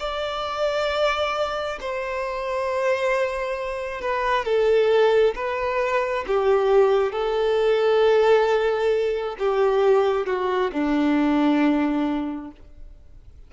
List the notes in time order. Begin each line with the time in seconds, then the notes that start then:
0.00 D5
1.81 C5
4.02 B4
4.45 A4
5.36 B4
6.28 G4
7.13 A4
9.39 G4
10.27 F#4
10.73 D4